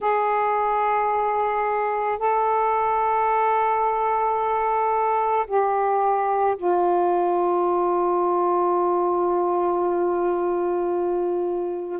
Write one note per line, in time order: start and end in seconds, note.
0.00 2.18 G#4
2.18 5.45 A4
5.47 6.56 G4
6.57 12.00 F4